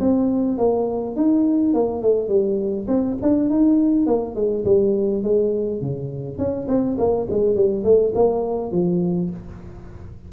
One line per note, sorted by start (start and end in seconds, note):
0.00 0.58 C4
0.58 1.16 A#3
1.16 1.74 D#4
1.74 2.02 A#3
2.02 2.29 A3
2.29 2.87 G3
2.88 3.17 C4
3.22 3.50 D4
3.50 4.06 D#4
4.06 4.35 A#3
4.35 4.64 G#3
4.65 5.23 G3
5.23 5.81 G#3
5.81 6.38 C#3
6.38 6.67 C#4
6.68 6.97 C4
6.98 7.27 A#3
7.30 7.56 G#3
7.56 7.84 G3
7.84 8.13 A3
8.15 8.72 A#3
8.72 9.30 F3